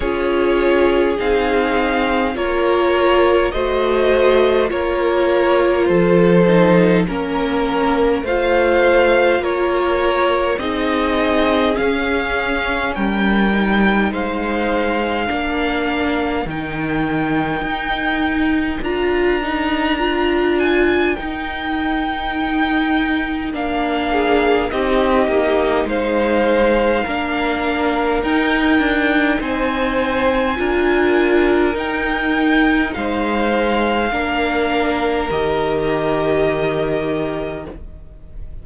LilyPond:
<<
  \new Staff \with { instrumentName = "violin" } { \time 4/4 \tempo 4 = 51 cis''4 f''4 cis''4 dis''4 | cis''4 c''4 ais'4 f''4 | cis''4 dis''4 f''4 g''4 | f''2 g''2 |
ais''4. gis''8 g''2 | f''4 dis''4 f''2 | g''4 gis''2 g''4 | f''2 dis''2 | }
  \new Staff \with { instrumentName = "violin" } { \time 4/4 gis'2 ais'4 c''4 | ais'4 a'4 ais'4 c''4 | ais'4 gis'2 ais'4 | c''4 ais'2.~ |
ais'1~ | ais'8 gis'8 g'4 c''4 ais'4~ | ais'4 c''4 ais'2 | c''4 ais'2. | }
  \new Staff \with { instrumentName = "viola" } { \time 4/4 f'4 dis'4 f'4 fis'4 | f'4. dis'8 cis'4 f'4~ | f'4 dis'4 cis'4. dis'8~ | dis'4 d'4 dis'2 |
f'8 dis'8 f'4 dis'2 | d'4 dis'2 d'4 | dis'2 f'4 dis'4~ | dis'4 d'4 g'2 | }
  \new Staff \with { instrumentName = "cello" } { \time 4/4 cis'4 c'4 ais4 a4 | ais4 f4 ais4 a4 | ais4 c'4 cis'4 g4 | gis4 ais4 dis4 dis'4 |
d'2 dis'2 | ais4 c'8 ais8 gis4 ais4 | dis'8 d'8 c'4 d'4 dis'4 | gis4 ais4 dis2 | }
>>